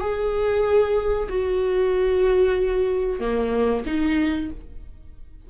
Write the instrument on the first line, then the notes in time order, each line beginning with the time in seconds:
viola
0.00 G#4
1.29 F#4
3.19 A#3
3.86 D#4